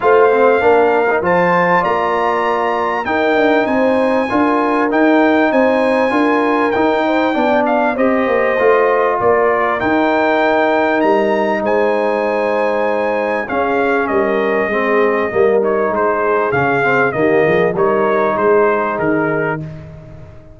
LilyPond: <<
  \new Staff \with { instrumentName = "trumpet" } { \time 4/4 \tempo 4 = 98 f''2 a''4 ais''4~ | ais''4 g''4 gis''2 | g''4 gis''2 g''4~ | g''8 f''8 dis''2 d''4 |
g''2 ais''4 gis''4~ | gis''2 f''4 dis''4~ | dis''4. cis''8 c''4 f''4 | dis''4 cis''4 c''4 ais'4 | }
  \new Staff \with { instrumentName = "horn" } { \time 4/4 c''4 ais'4 c''4 d''4~ | d''4 ais'4 c''4 ais'4~ | ais'4 c''4 ais'4. c''8 | d''4 c''2 ais'4~ |
ais'2. c''4~ | c''2 gis'4 ais'4 | gis'4 ais'4 gis'2 | g'8 gis'8 ais'4 gis'2 | }
  \new Staff \with { instrumentName = "trombone" } { \time 4/4 f'8 c'8 d'8. dis'16 f'2~ | f'4 dis'2 f'4 | dis'2 f'4 dis'4 | d'4 g'4 f'2 |
dis'1~ | dis'2 cis'2 | c'4 ais8 dis'4. cis'8 c'8 | ais4 dis'2. | }
  \new Staff \with { instrumentName = "tuba" } { \time 4/4 a4 ais4 f4 ais4~ | ais4 dis'8 d'8 c'4 d'4 | dis'4 c'4 d'4 dis'4 | b4 c'8 ais8 a4 ais4 |
dis'2 g4 gis4~ | gis2 cis'4 g4 | gis4 g4 gis4 cis4 | dis8 f8 g4 gis4 dis4 | }
>>